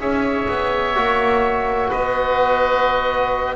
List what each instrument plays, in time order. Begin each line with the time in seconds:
0.00 double bass C#4, trombone G#4, oboe C#5 E5
0.49 double bass B3
0.96 double bass A#3, trombone F#4
1.89 double bass B3, oboe B4 D#5